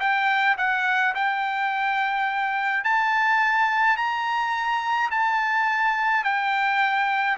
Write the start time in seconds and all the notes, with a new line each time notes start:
0.00 G5
0.58 F#5
1.14 G5
2.84 A5
3.97 A#5
5.11 A5
6.24 G5